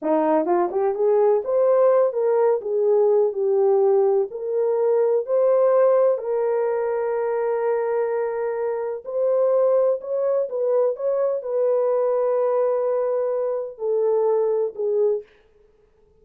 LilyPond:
\new Staff \with { instrumentName = "horn" } { \time 4/4 \tempo 4 = 126 dis'4 f'8 g'8 gis'4 c''4~ | c''8 ais'4 gis'4. g'4~ | g'4 ais'2 c''4~ | c''4 ais'2.~ |
ais'2. c''4~ | c''4 cis''4 b'4 cis''4 | b'1~ | b'4 a'2 gis'4 | }